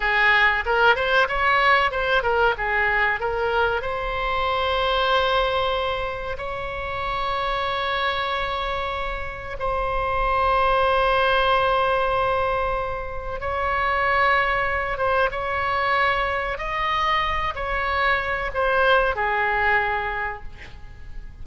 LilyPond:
\new Staff \with { instrumentName = "oboe" } { \time 4/4 \tempo 4 = 94 gis'4 ais'8 c''8 cis''4 c''8 ais'8 | gis'4 ais'4 c''2~ | c''2 cis''2~ | cis''2. c''4~ |
c''1~ | c''4 cis''2~ cis''8 c''8 | cis''2 dis''4. cis''8~ | cis''4 c''4 gis'2 | }